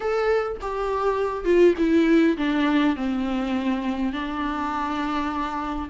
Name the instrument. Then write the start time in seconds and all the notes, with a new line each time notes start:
viola
0.00 A4
0.61 G4
1.44 F4
1.78 E4
2.37 D4
2.95 C4
4.12 D4